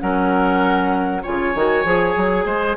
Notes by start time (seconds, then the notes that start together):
0.00 F#3 C#4 A#4 F#5
1.22 C#3 F4 C#5 G#5
1.55 D#3 F#4
1.84 F3 G#4
2.16 F#3
2.45 G#3 C5